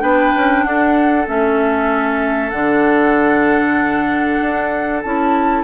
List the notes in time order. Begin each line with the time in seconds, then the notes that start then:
0.00 B3 D4 B4 G5
0.36 C#4
0.63 D4 A4 F#5
1.26 A3 C#4 E5
2.50 D3 D4 F#5
4.41 D4
5.01 C#4 E4 A5